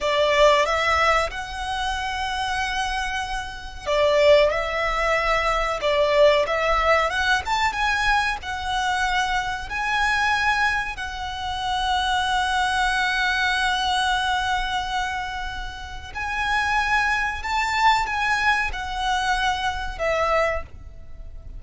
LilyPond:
\new Staff \with { instrumentName = "violin" } { \time 4/4 \tempo 4 = 93 d''4 e''4 fis''2~ | fis''2 d''4 e''4~ | e''4 d''4 e''4 fis''8 a''8 | gis''4 fis''2 gis''4~ |
gis''4 fis''2.~ | fis''1~ | fis''4 gis''2 a''4 | gis''4 fis''2 e''4 | }